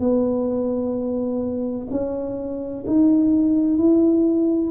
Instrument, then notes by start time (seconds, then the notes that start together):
tuba
0.00 B3
1.91 C#4
2.87 D#4
3.78 E4